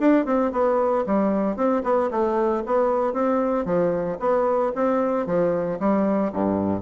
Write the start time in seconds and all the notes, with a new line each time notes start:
0.00 D4
0.26 C4
0.52 B3
1.07 G3
1.57 C4
1.84 B3
2.11 A3
2.67 B3
3.13 C4
3.66 F3
4.20 B3
4.75 C4
5.27 F3
5.80 G3
6.33 G2